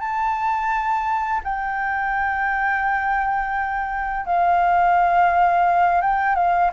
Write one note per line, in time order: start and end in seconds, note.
0.00 1.41 A5
1.44 4.26 G5
4.26 6.02 F5
6.02 6.36 G5
6.36 6.71 F5